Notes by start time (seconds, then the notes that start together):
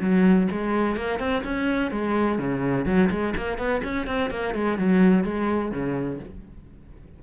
0.00 F#3
0.51 G#3
0.96 A#3
1.19 C4
1.44 C#4
1.91 G#3
2.38 C#3
2.85 F#3
3.10 G#3
3.36 A#3
3.58 B3
3.83 C#4
4.06 C4
4.30 A#3
4.54 G#3
4.78 F#3
5.24 G#3
5.71 C#3